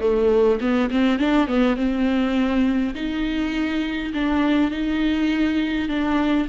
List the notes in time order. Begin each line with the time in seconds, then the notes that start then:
0.00 A3
0.60 B3
0.91 C4
1.19 D4
1.47 B3
1.76 C4
2.95 D#4
4.14 D4
4.71 D#4
5.89 D4